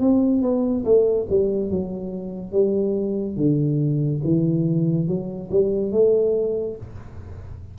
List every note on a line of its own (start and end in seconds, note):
0.00 0.42 C4
0.42 0.85 B3
0.85 1.27 A3
1.30 1.70 G3
1.70 2.52 F#3
2.52 3.36 G3
3.36 4.21 D3
4.24 5.08 E3
5.08 5.50 F#3
5.51 5.92 G3
5.92 6.76 A3